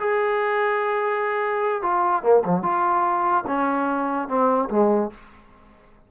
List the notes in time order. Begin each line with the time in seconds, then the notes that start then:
0.00 G#4
1.82 F4
2.23 A#3
2.45 F3
2.63 F4
3.47 C#4
4.29 C4
4.70 G#3